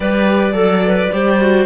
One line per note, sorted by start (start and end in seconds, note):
0.00 0.53 G3
0.00 0.52 G4
0.00 0.55 B4
0.00 1.66 D5
0.52 1.08 F#3
0.52 1.08 A4
0.52 0.83 A4
0.86 1.13 B4
1.12 1.66 G3
1.12 1.40 G4
1.12 1.66 C5
1.40 1.66 F#4